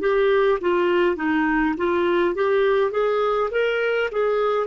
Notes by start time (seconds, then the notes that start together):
0.00 G4
0.61 F4
1.16 D#4
1.77 F4
2.35 G4
2.91 G#4
3.51 A#4
4.12 G#4